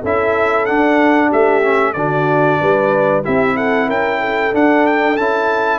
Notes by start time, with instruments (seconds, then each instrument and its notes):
0.00 tuba C#4, trombone E4, horn A4, trumpet E5
0.65 trombone D4, tuba D4, trumpet F#5
1.28 tuba A3, horn G4, trumpet E5
1.62 trombone C#4
1.93 tuba D3, trombone D4, horn F#4, trumpet D5
2.60 tuba G3, horn B4
3.23 tuba C4, trombone E4, horn G4, trumpet E5
3.56 horn A4, trumpet F#5
3.87 tuba C#4, horn A#4, trumpet G5
4.20 horn A4
4.52 trombone D4, tuba D4, trumpet F#5
4.86 trumpet G5
5.17 tuba C#4, trombone E4, trumpet A5